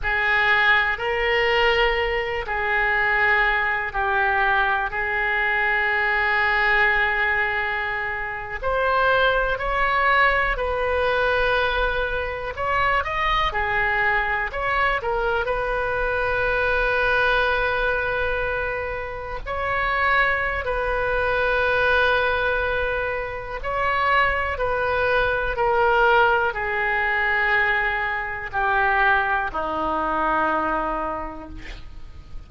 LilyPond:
\new Staff \with { instrumentName = "oboe" } { \time 4/4 \tempo 4 = 61 gis'4 ais'4. gis'4. | g'4 gis'2.~ | gis'8. c''4 cis''4 b'4~ b'16~ | b'8. cis''8 dis''8 gis'4 cis''8 ais'8 b'16~ |
b'2.~ b'8. cis''16~ | cis''4 b'2. | cis''4 b'4 ais'4 gis'4~ | gis'4 g'4 dis'2 | }